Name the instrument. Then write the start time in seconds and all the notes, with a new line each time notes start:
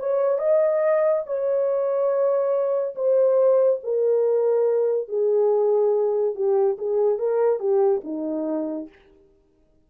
horn
0.00 C#5
0.39 D#5
1.27 C#5
2.96 C5
3.84 A#4
5.09 G#4
6.35 G4
6.79 G#4
7.19 A#4
7.60 G4
8.04 D#4